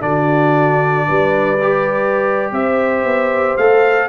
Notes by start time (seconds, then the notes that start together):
0.00 D3 D4 F#4 D5
1.07 G3 B4
1.62 G4
2.52 C4 C5 E5
3.05 B3
3.57 A3 A4 F5